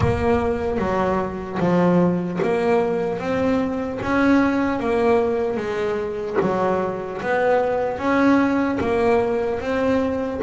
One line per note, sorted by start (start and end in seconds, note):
0.00 0.78 A#3
0.78 1.58 F#3
1.59 2.39 F3
2.42 3.19 A#3
3.19 3.99 C4
4.02 4.79 C#4
4.79 5.56 A#3
5.56 6.36 G#3
6.41 7.21 F#3
7.21 7.98 B3
7.98 8.78 C#4
8.80 9.60 A#3
9.60 10.40 C4